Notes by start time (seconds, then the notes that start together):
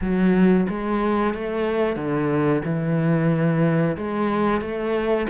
0.01 F#3
0.68 G#3
1.34 A3
1.96 D3
2.65 E3
3.97 G#3
4.61 A3